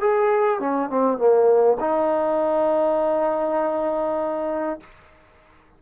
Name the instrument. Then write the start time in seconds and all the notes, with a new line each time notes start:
trombone
0.00 G#4
0.59 C#4
0.89 C4
1.17 A#3
1.80 D#4